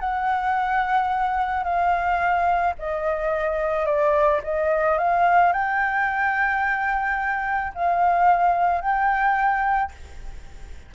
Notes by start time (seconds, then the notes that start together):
0.00 F#5
1.64 F5
2.78 D#5
3.86 D5
4.44 D#5
4.98 F5
5.53 G5
7.74 F5
8.81 G5